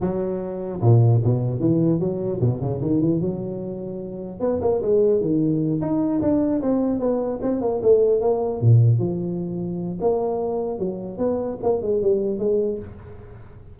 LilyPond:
\new Staff \with { instrumentName = "tuba" } { \time 4/4 \tempo 4 = 150 fis2 ais,4 b,4 | e4 fis4 b,8 cis8 dis8 e8 | fis2. b8 ais8 | gis4 dis4. dis'4 d'8~ |
d'8 c'4 b4 c'8 ais8 a8~ | a8 ais4 ais,4 f4.~ | f4 ais2 fis4 | b4 ais8 gis8 g4 gis4 | }